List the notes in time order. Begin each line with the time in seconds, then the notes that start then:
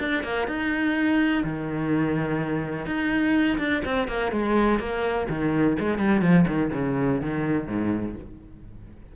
0.00 D4
0.24 A#3
0.48 D#4
1.44 D#3
2.86 D#4
3.58 D4
3.85 C4
4.08 A#3
4.32 G#3
4.80 A#3
5.29 D#3
5.80 G#3
5.98 G3
6.22 F3
6.48 D#3
6.74 C#3
7.22 D#3
7.68 G#2